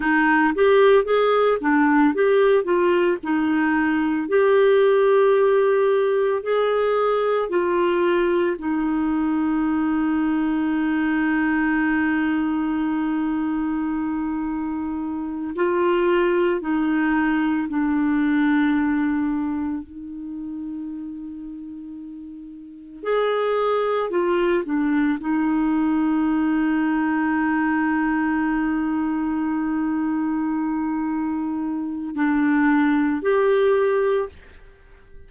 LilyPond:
\new Staff \with { instrumentName = "clarinet" } { \time 4/4 \tempo 4 = 56 dis'8 g'8 gis'8 d'8 g'8 f'8 dis'4 | g'2 gis'4 f'4 | dis'1~ | dis'2~ dis'8 f'4 dis'8~ |
dis'8 d'2 dis'4.~ | dis'4. gis'4 f'8 d'8 dis'8~ | dis'1~ | dis'2 d'4 g'4 | }